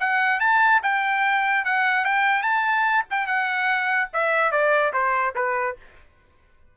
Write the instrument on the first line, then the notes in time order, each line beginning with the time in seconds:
trumpet
0.00 F#5
0.40 A5
0.83 G5
1.65 F#5
2.05 G5
2.42 A5
3.10 G5
3.27 F#5
4.13 E5
4.51 D5
4.93 C5
5.35 B4